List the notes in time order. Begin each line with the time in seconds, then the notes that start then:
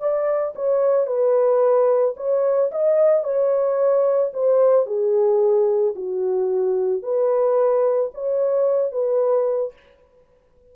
0.00 D5
0.56 C#5
1.07 B4
2.17 C#5
2.71 D#5
3.24 C#5
4.34 C5
4.87 G#4
5.96 F#4
7.03 B4
8.14 C#5
8.92 B4